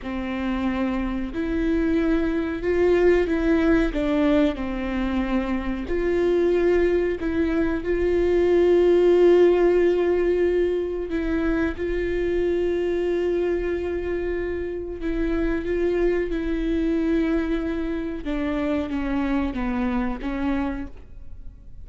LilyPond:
\new Staff \with { instrumentName = "viola" } { \time 4/4 \tempo 4 = 92 c'2 e'2 | f'4 e'4 d'4 c'4~ | c'4 f'2 e'4 | f'1~ |
f'4 e'4 f'2~ | f'2. e'4 | f'4 e'2. | d'4 cis'4 b4 cis'4 | }